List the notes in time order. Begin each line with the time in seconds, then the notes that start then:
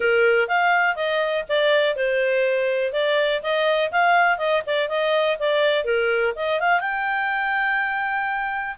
0.00 A#4
0.47 F5
0.95 D#5
1.49 D5
1.96 C5
2.92 D5
3.42 D#5
3.91 F5
4.38 D#5
4.66 D5
4.88 D#5
5.39 D5
5.84 A#4
6.35 D#5
6.60 F5
6.80 G5